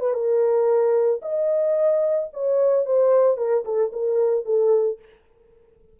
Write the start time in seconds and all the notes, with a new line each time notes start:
0.00 B4
0.14 A#4
1.22 D#5
2.33 C#5
2.85 C5
3.37 A#4
3.65 A4
3.93 A#4
4.45 A4